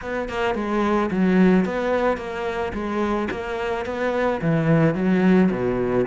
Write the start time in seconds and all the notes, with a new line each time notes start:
0.01 B3
0.28 A#3
0.54 G#3
1.10 F#3
1.65 B3
2.17 A#3
2.73 G#3
3.30 A#3
3.85 B3
4.41 E3
4.94 F#3
5.51 B2